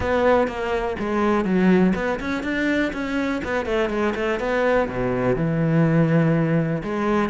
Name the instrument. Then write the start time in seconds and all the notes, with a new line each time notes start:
cello
0.00 B3
0.47 A#3
0.99 G#3
1.44 F#3
1.95 B3
2.20 C#4
2.43 D4
2.93 C#4
3.44 B3
3.65 A3
3.89 G#3
4.15 A3
4.39 B3
4.88 B2
5.35 E3
6.83 G#3